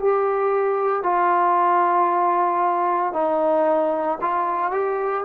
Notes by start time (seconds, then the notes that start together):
0.00 G4
1.04 F4
3.13 D#4
4.22 F4
4.72 G4